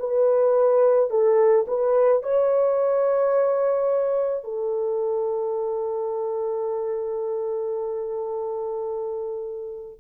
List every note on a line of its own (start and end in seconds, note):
0.00 1.11 B4
1.11 1.66 A4
1.68 2.23 B4
2.23 4.45 C#5
4.45 10.01 A4